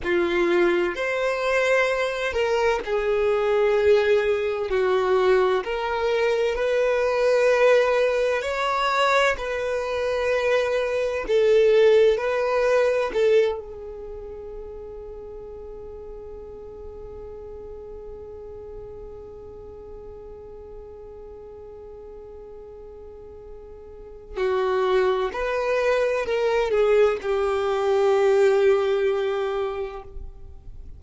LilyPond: \new Staff \with { instrumentName = "violin" } { \time 4/4 \tempo 4 = 64 f'4 c''4. ais'8 gis'4~ | gis'4 fis'4 ais'4 b'4~ | b'4 cis''4 b'2 | a'4 b'4 a'8 gis'4.~ |
gis'1~ | gis'1~ | gis'2 fis'4 b'4 | ais'8 gis'8 g'2. | }